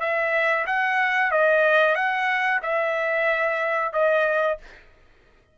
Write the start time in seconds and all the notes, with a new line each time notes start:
0.00 E5
0.66 F#5
1.31 D#5
1.95 F#5
2.62 E5
3.92 D#5